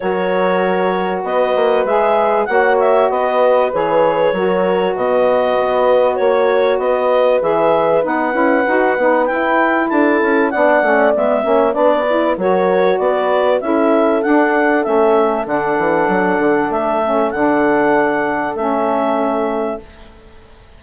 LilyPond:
<<
  \new Staff \with { instrumentName = "clarinet" } { \time 4/4 \tempo 4 = 97 cis''2 dis''4 e''4 | fis''8 e''8 dis''4 cis''2 | dis''2 cis''4 dis''4 | e''4 fis''2 g''4 |
a''4 fis''4 e''4 d''4 | cis''4 d''4 e''4 fis''4 | e''4 fis''2 e''4 | fis''2 e''2 | }
  \new Staff \with { instrumentName = "horn" } { \time 4/4 ais'2 b'2 | cis''4 b'2 ais'4 | b'2 cis''4 b'4~ | b'1 |
a'4 d''4. cis''8 b'4 | ais'4 b'4 a'2~ | a'1~ | a'1 | }
  \new Staff \with { instrumentName = "saxophone" } { \time 4/4 fis'2. gis'4 | fis'2 gis'4 fis'4~ | fis'1 | gis'4 dis'8 e'8 fis'8 dis'8 e'4~ |
e'4 d'8 cis'8 b8 cis'8 d'8 e'8 | fis'2 e'4 d'4 | cis'4 d'2~ d'8 cis'8 | d'2 cis'2 | }
  \new Staff \with { instrumentName = "bassoon" } { \time 4/4 fis2 b8 ais8 gis4 | ais4 b4 e4 fis4 | b,4 b4 ais4 b4 | e4 b8 cis'8 dis'8 b8 e'4 |
d'8 cis'8 b8 a8 gis8 ais8 b4 | fis4 b4 cis'4 d'4 | a4 d8 e8 fis8 d8 a4 | d2 a2 | }
>>